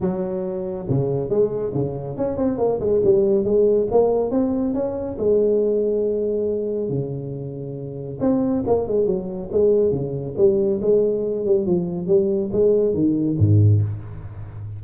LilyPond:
\new Staff \with { instrumentName = "tuba" } { \time 4/4 \tempo 4 = 139 fis2 cis4 gis4 | cis4 cis'8 c'8 ais8 gis8 g4 | gis4 ais4 c'4 cis'4 | gis1 |
cis2. c'4 | ais8 gis8 fis4 gis4 cis4 | g4 gis4. g8 f4 | g4 gis4 dis4 gis,4 | }